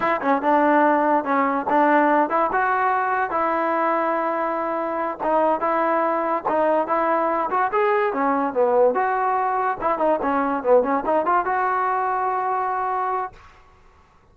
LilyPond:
\new Staff \with { instrumentName = "trombone" } { \time 4/4 \tempo 4 = 144 e'8 cis'8 d'2 cis'4 | d'4. e'8 fis'2 | e'1~ | e'8 dis'4 e'2 dis'8~ |
dis'8 e'4. fis'8 gis'4 cis'8~ | cis'8 b4 fis'2 e'8 | dis'8 cis'4 b8 cis'8 dis'8 f'8 fis'8~ | fis'1 | }